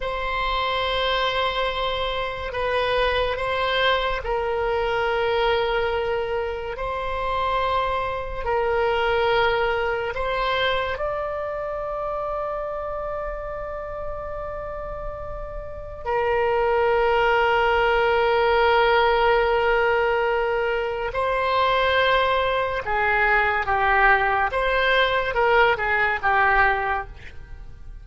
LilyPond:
\new Staff \with { instrumentName = "oboe" } { \time 4/4 \tempo 4 = 71 c''2. b'4 | c''4 ais'2. | c''2 ais'2 | c''4 d''2.~ |
d''2. ais'4~ | ais'1~ | ais'4 c''2 gis'4 | g'4 c''4 ais'8 gis'8 g'4 | }